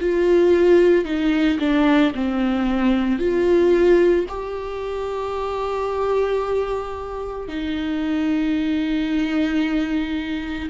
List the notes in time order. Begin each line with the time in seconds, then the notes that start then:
0.00 F4
1.05 D#4
1.59 D4
2.14 C4
3.19 F4
4.28 G4
7.48 D#4